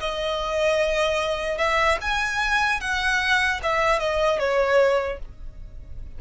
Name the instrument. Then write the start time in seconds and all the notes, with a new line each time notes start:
violin
0.00 D#5
1.58 E5
2.01 G#5
2.80 F#5
3.63 E5
4.00 D#5
4.39 C#5